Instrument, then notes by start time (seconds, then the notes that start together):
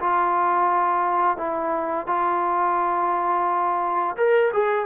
trombone
0.00 F4
1.37 E4
2.07 F4
4.17 A#4
4.53 G#4